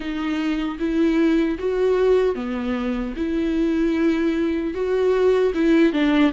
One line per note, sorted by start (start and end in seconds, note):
0.00 0.78 D#4
0.79 1.58 E4
1.58 2.35 F#4
2.35 3.14 B3
3.16 4.74 E4
4.74 5.53 F#4
5.54 5.92 E4
5.92 6.32 D4